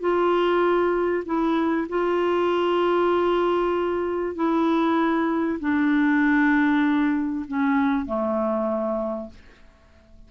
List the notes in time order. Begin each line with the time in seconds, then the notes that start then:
0.00 F4
1.25 E4
1.89 F4
4.35 E4
5.60 D4
7.48 C#4
8.06 A3